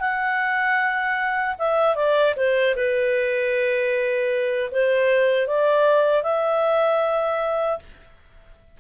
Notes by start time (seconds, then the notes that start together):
0.00 F#5
1.59 E5
1.96 D5
2.36 C5
2.76 B4
4.71 C5
5.47 D5
6.23 E5